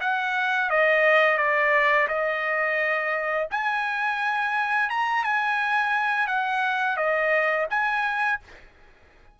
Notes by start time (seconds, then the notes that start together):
0.00 F#5
0.69 D#5
1.37 D5
2.07 D#5
3.50 G#5
4.89 A#5
5.24 G#5
6.27 F#5
6.96 D#5
7.70 G#5